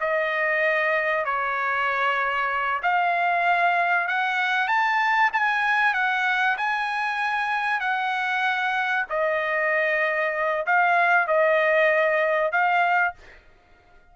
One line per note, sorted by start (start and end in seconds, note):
0.00 1.25 D#5
1.25 2.81 C#5
2.83 4.08 F5
4.08 4.68 F#5
4.68 5.30 A5
5.33 5.94 G#5
5.94 6.57 F#5
6.57 7.80 G#5
7.80 9.05 F#5
9.09 10.66 D#5
10.66 11.27 F5
11.27 12.52 D#5
12.52 13.14 F5